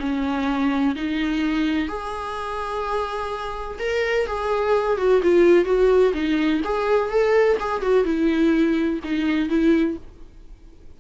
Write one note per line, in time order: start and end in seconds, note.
0.00 0.95 C#4
0.96 1.89 D#4
1.89 3.79 G#4
3.79 4.27 A#4
4.27 4.98 G#4
4.98 5.21 F#4
5.23 5.65 F4
5.65 6.13 F#4
6.14 6.62 D#4
6.65 7.10 G#4
7.10 7.58 A4
7.60 7.82 G#4
7.82 8.05 F#4
8.05 9.00 E4
9.04 9.50 D#4
9.50 9.97 E4